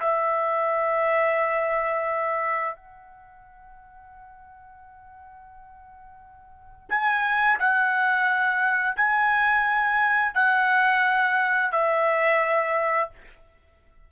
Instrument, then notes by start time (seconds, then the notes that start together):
trumpet
0.00 E5
2.76 F#5
6.89 G#5
7.59 F#5
8.96 G#5
10.34 F#5
11.72 E5